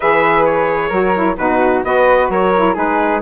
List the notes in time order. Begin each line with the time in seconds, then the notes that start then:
0.00 E3 G#4 B4 E5
0.45 C#5
0.88 F#3 F#4 A#4
1.15 E4
1.37 B2 D#4 F#4 B4
1.84 B3 F#4 B4 D#5
2.29 F#3 A#4 C#5
2.56 E4
2.74 G#3 D#4 G#4 B4